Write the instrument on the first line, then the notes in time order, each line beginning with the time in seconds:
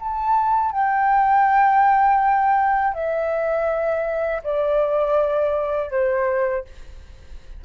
flute
0.00 A5
0.72 G5
2.94 E5
4.44 D5
5.91 C5